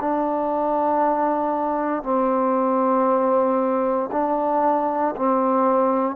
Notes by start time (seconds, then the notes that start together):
0.00 D4
2.03 C4
4.11 D4
5.16 C4